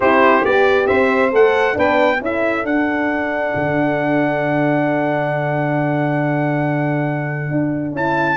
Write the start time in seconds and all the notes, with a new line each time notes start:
0.00 C4 E4 G4 C5
0.42 B3 G4 D5
0.86 C4 C5 E5
1.31 A3 A4 F#5
1.73 B3 D4 B4 G5
2.18 C#4 E4 A4
2.24 E5
2.64 D4 F#5
3.55 D3
7.50 D4
7.92 C#4 E4 A5